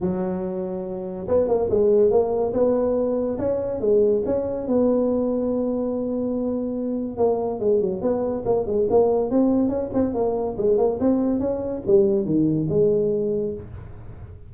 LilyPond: \new Staff \with { instrumentName = "tuba" } { \time 4/4 \tempo 4 = 142 fis2. b8 ais8 | gis4 ais4 b2 | cis'4 gis4 cis'4 b4~ | b1~ |
b4 ais4 gis8 fis8 b4 | ais8 gis8 ais4 c'4 cis'8 c'8 | ais4 gis8 ais8 c'4 cis'4 | g4 dis4 gis2 | }